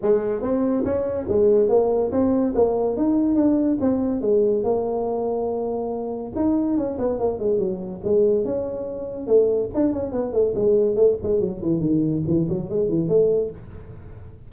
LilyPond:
\new Staff \with { instrumentName = "tuba" } { \time 4/4 \tempo 4 = 142 gis4 c'4 cis'4 gis4 | ais4 c'4 ais4 dis'4 | d'4 c'4 gis4 ais4~ | ais2. dis'4 |
cis'8 b8 ais8 gis8 fis4 gis4 | cis'2 a4 d'8 cis'8 | b8 a8 gis4 a8 gis8 fis8 e8 | dis4 e8 fis8 gis8 e8 a4 | }